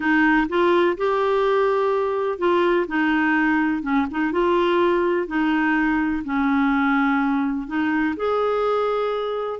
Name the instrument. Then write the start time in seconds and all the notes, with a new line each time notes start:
clarinet
0.00 D#4
0.48 F4
0.97 G4
2.38 F4
2.87 D#4
3.82 C#4
4.10 D#4
4.32 F4
5.27 D#4
6.24 C#4
7.67 D#4
8.16 G#4